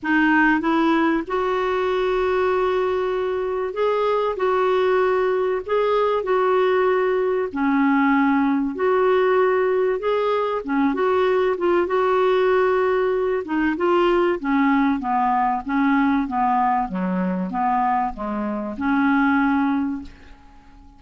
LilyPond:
\new Staff \with { instrumentName = "clarinet" } { \time 4/4 \tempo 4 = 96 dis'4 e'4 fis'2~ | fis'2 gis'4 fis'4~ | fis'4 gis'4 fis'2 | cis'2 fis'2 |
gis'4 cis'8 fis'4 f'8 fis'4~ | fis'4. dis'8 f'4 cis'4 | b4 cis'4 b4 fis4 | b4 gis4 cis'2 | }